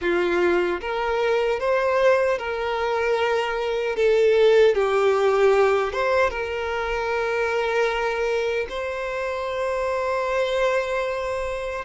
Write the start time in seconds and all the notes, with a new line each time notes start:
0.01 F4
0.81 A#4
1.59 C5
2.38 A#4
3.96 A4
4.74 G4
5.92 C5
6.29 A#4
8.69 C5